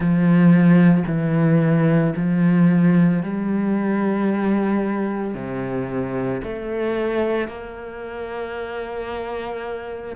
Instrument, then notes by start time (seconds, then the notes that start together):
cello
0.00 F3
1.07 E3
2.16 F3
3.22 G3
5.34 C3
6.43 A3
7.48 A#3